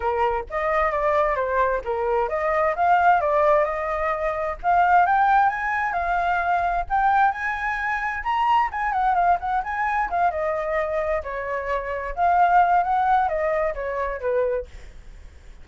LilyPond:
\new Staff \with { instrumentName = "flute" } { \time 4/4 \tempo 4 = 131 ais'4 dis''4 d''4 c''4 | ais'4 dis''4 f''4 d''4 | dis''2 f''4 g''4 | gis''4 f''2 g''4 |
gis''2 ais''4 gis''8 fis''8 | f''8 fis''8 gis''4 f''8 dis''4.~ | dis''8 cis''2 f''4. | fis''4 dis''4 cis''4 b'4 | }